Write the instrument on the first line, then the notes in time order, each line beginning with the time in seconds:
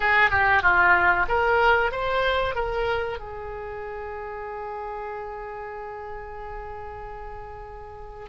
oboe
0.00 G#4
0.30 G4
0.62 F4
1.28 A#4
1.91 C5
2.55 A#4
3.19 G#4